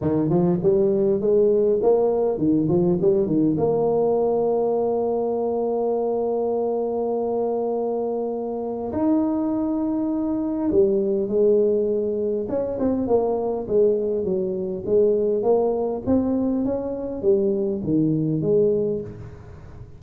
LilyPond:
\new Staff \with { instrumentName = "tuba" } { \time 4/4 \tempo 4 = 101 dis8 f8 g4 gis4 ais4 | dis8 f8 g8 dis8 ais2~ | ais1~ | ais2. dis'4~ |
dis'2 g4 gis4~ | gis4 cis'8 c'8 ais4 gis4 | fis4 gis4 ais4 c'4 | cis'4 g4 dis4 gis4 | }